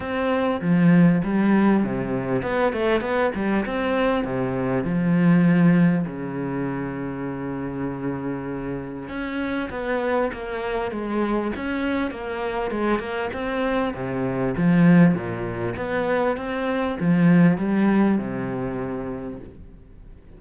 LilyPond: \new Staff \with { instrumentName = "cello" } { \time 4/4 \tempo 4 = 99 c'4 f4 g4 c4 | b8 a8 b8 g8 c'4 c4 | f2 cis2~ | cis2. cis'4 |
b4 ais4 gis4 cis'4 | ais4 gis8 ais8 c'4 c4 | f4 ais,4 b4 c'4 | f4 g4 c2 | }